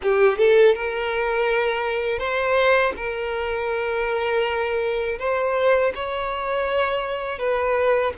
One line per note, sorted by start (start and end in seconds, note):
0.02 0.37 G4
0.37 0.74 A4
0.74 2.19 A#4
2.19 2.93 C5
2.96 5.18 A#4
5.19 5.93 C5
5.95 7.39 C#5
7.39 8.13 B4